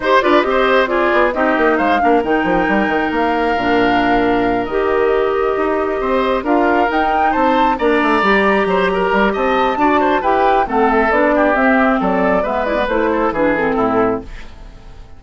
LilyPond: <<
  \new Staff \with { instrumentName = "flute" } { \time 4/4 \tempo 4 = 135 c''8 d''8 dis''4 d''4 dis''4 | f''4 g''2 f''4~ | f''2~ f''8 dis''4.~ | dis''2~ dis''8 f''4 g''8~ |
g''8 a''4 ais''2~ ais''8~ | ais''4 a''2 g''4 | fis''8 e''8 d''4 e''4 d''4 | e''8 d''8 c''4 b'8 a'4. | }
  \new Staff \with { instrumentName = "oboe" } { \time 4/4 c''8 b'8 c''4 gis'4 g'4 | c''8 ais'2.~ ais'8~ | ais'1~ | ais'4. c''4 ais'4.~ |
ais'8 c''4 d''2 c''8 | ais'4 dis''4 d''8 c''8 b'4 | a'4. g'4. a'4 | b'4. a'8 gis'4 e'4 | }
  \new Staff \with { instrumentName = "clarinet" } { \time 4/4 g'8 f'8 g'4 f'4 dis'4~ | dis'8 d'8 dis'2. | d'2~ d'8 g'4.~ | g'2~ g'8 f'4 dis'8~ |
dis'4. d'4 g'4.~ | g'2 fis'4 g'4 | c'4 d'4 c'2 | b8 e'16 b16 e'4 d'8 c'4. | }
  \new Staff \with { instrumentName = "bassoon" } { \time 4/4 dis'8 d'8 c'4. b8 c'8 ais8 | gis8 ais8 dis8 f8 g8 dis8 ais4 | ais,2~ ais,8 dis4.~ | dis8 dis'4 c'4 d'4 dis'8~ |
dis'8 c'4 ais8 a8 g4 fis8~ | fis8 g8 c'4 d'4 e'4 | a4 b4 c'4 fis4 | gis4 a4 e4 a,4 | }
>>